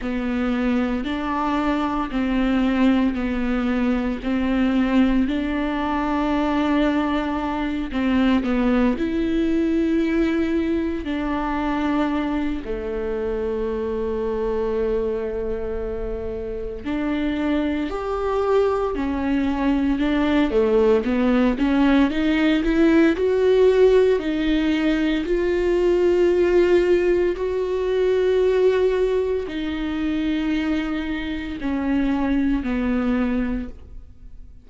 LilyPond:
\new Staff \with { instrumentName = "viola" } { \time 4/4 \tempo 4 = 57 b4 d'4 c'4 b4 | c'4 d'2~ d'8 c'8 | b8 e'2 d'4. | a1 |
d'4 g'4 cis'4 d'8 a8 | b8 cis'8 dis'8 e'8 fis'4 dis'4 | f'2 fis'2 | dis'2 cis'4 b4 | }